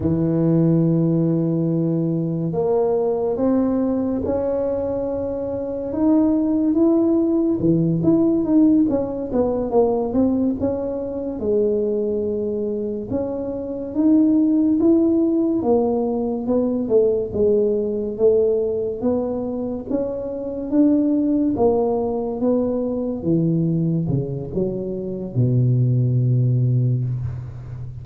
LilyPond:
\new Staff \with { instrumentName = "tuba" } { \time 4/4 \tempo 4 = 71 e2. ais4 | c'4 cis'2 dis'4 | e'4 e8 e'8 dis'8 cis'8 b8 ais8 | c'8 cis'4 gis2 cis'8~ |
cis'8 dis'4 e'4 ais4 b8 | a8 gis4 a4 b4 cis'8~ | cis'8 d'4 ais4 b4 e8~ | e8 cis8 fis4 b,2 | }